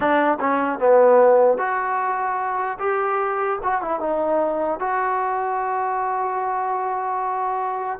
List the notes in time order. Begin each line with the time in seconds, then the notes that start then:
0.00 D4
0.40 C#4
0.79 B3
1.58 F#4
2.79 G4
3.63 F#4
3.81 E4
4.00 D#4
4.79 F#4